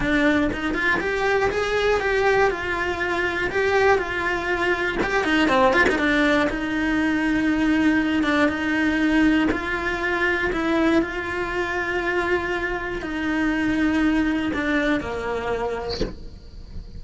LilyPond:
\new Staff \with { instrumentName = "cello" } { \time 4/4 \tempo 4 = 120 d'4 dis'8 f'8 g'4 gis'4 | g'4 f'2 g'4 | f'2 g'8 dis'8 c'8 f'16 dis'16 | d'4 dis'2.~ |
dis'8 d'8 dis'2 f'4~ | f'4 e'4 f'2~ | f'2 dis'2~ | dis'4 d'4 ais2 | }